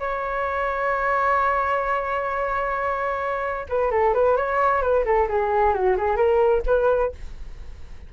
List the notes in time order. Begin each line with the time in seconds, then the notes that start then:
0.00 C#5
3.69 B4
3.91 A4
4.14 B4
4.37 C#5
4.82 B4
5.05 A4
5.29 G#4
5.74 F#4
5.97 G#4
6.17 A#4
6.67 B4